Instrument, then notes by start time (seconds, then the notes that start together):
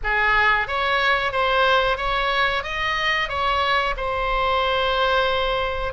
oboe
0.03 G#4
0.67 C#5
1.32 C5
1.97 C#5
2.63 D#5
3.28 C#5
3.97 C5